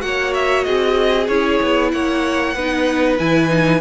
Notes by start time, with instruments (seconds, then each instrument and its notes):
0.00 cello A#3, viola F#4, violin F#5
0.06 violin C#5
0.34 violin E5
0.64 cello C4, violin G#4 D#5
1.28 cello C#4, viola E4, violin C#5
1.62 cello B3
1.92 cello A#3, violin C#5 F#5
2.55 cello B3, viola D#4, violin B4
3.18 cello E3, viola E4, violin G#5
3.49 viola D#4